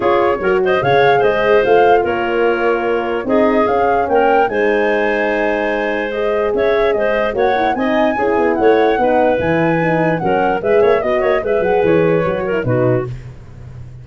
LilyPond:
<<
  \new Staff \with { instrumentName = "flute" } { \time 4/4 \tempo 4 = 147 cis''4. dis''8 f''4 dis''4 | f''4 cis''2. | dis''4 f''4 g''4 gis''4~ | gis''2. dis''4 |
e''4 dis''4 fis''4 gis''4~ | gis''4 fis''2 gis''4~ | gis''4 fis''4 e''4 dis''4 | e''8 fis''8 cis''2 b'4 | }
  \new Staff \with { instrumentName = "clarinet" } { \time 4/4 gis'4 ais'8 c''8 cis''4 c''4~ | c''4 ais'2. | gis'2 ais'4 c''4~ | c''1 |
cis''4 c''4 cis''4 dis''4 | gis'4 cis''4 b'2~ | b'4 ais'4 b'8 cis''8 dis''8 cis''8 | b'2~ b'8 ais'8 fis'4 | }
  \new Staff \with { instrumentName = "horn" } { \time 4/4 f'4 fis'4 gis'2 | f'1 | dis'4 cis'2 dis'4~ | dis'2. gis'4~ |
gis'2 fis'8 e'8 dis'4 | e'2 dis'4 e'4 | dis'4 cis'4 gis'4 fis'4 | gis'2 fis'8. e'16 dis'4 | }
  \new Staff \with { instrumentName = "tuba" } { \time 4/4 cis'4 fis4 cis4 gis4 | a4 ais2. | c'4 cis'4 ais4 gis4~ | gis1 |
cis'4 gis4 ais4 c'4 | cis'8 b8 a4 b4 e4~ | e4 fis4 gis8 ais8 b8 ais8 | gis8 fis8 e4 fis4 b,4 | }
>>